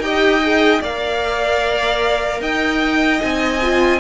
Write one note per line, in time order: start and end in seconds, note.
0.00 0.80 D#4
0.00 0.43 G4
0.00 0.81 D#5
0.00 0.82 G5
0.43 0.83 G#4
0.81 2.41 A#3
0.81 3.20 A#4
0.81 2.41 D5
0.81 2.42 F5
2.41 3.21 D#4
2.41 4.00 D#5
2.41 3.22 G5
3.20 4.00 C4
3.20 3.60 D#4
3.20 4.00 G#5
3.63 4.00 F4